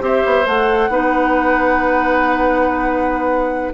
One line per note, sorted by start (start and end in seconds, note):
0.00 0.23 C4
0.00 0.44 G4
0.00 0.91 C5
0.00 0.47 E5
0.25 0.46 B3
0.46 0.88 A3
0.46 0.90 A4
0.46 3.74 F#5
0.88 3.73 B3
0.88 3.74 D#4
0.88 3.74 B4